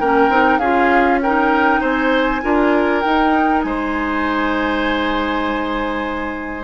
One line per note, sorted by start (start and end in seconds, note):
0.00 0.30 A#3
0.00 0.31 C#4
0.00 0.59 A#4
0.00 0.59 G5
0.30 0.59 C4
0.30 0.61 D#4
0.59 1.80 C#4
0.59 1.23 F4
0.59 1.20 G#4
0.59 1.20 F5
1.23 2.42 D#4
1.23 1.81 A#4
1.23 1.83 G5
1.81 2.43 C4
1.81 2.42 C5
1.81 3.02 G#5
2.42 3.05 D4
2.42 3.03 F4
2.42 3.66 A#4
3.02 6.64 D#4
3.02 3.65 D#4
3.02 3.62 G5
3.63 6.64 G#3
3.63 6.64 C5
3.63 6.64 G#5